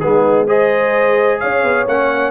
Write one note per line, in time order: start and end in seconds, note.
0.00 1.44 G#3
0.00 0.48 B3
0.00 0.47 D#4
0.00 0.47 G#4
0.47 1.87 G#4
0.47 1.40 C5
0.47 1.40 D#5
1.40 1.64 C#4
1.40 2.31 C#5
1.40 1.86 F5
1.64 1.87 B3
1.88 2.31 A#3
1.88 2.31 C#4
1.88 2.31 F#5